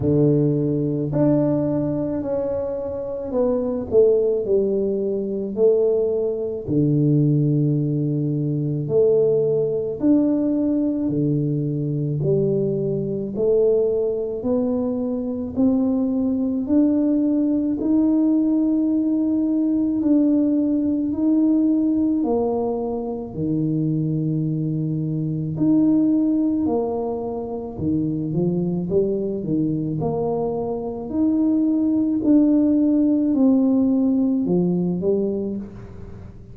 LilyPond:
\new Staff \with { instrumentName = "tuba" } { \time 4/4 \tempo 4 = 54 d4 d'4 cis'4 b8 a8 | g4 a4 d2 | a4 d'4 d4 g4 | a4 b4 c'4 d'4 |
dis'2 d'4 dis'4 | ais4 dis2 dis'4 | ais4 dis8 f8 g8 dis8 ais4 | dis'4 d'4 c'4 f8 g8 | }